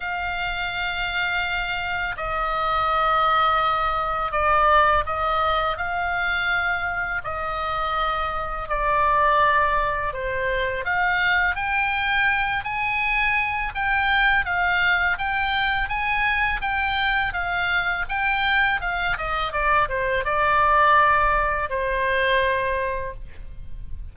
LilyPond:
\new Staff \with { instrumentName = "oboe" } { \time 4/4 \tempo 4 = 83 f''2. dis''4~ | dis''2 d''4 dis''4 | f''2 dis''2 | d''2 c''4 f''4 |
g''4. gis''4. g''4 | f''4 g''4 gis''4 g''4 | f''4 g''4 f''8 dis''8 d''8 c''8 | d''2 c''2 | }